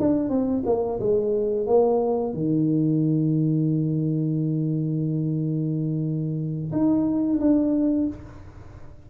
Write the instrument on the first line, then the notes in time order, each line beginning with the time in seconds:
tuba
0.00 D4
0.30 C4
0.66 A#3
1.00 G#3
1.67 A#3
2.34 D#3
6.72 D#4
7.40 D4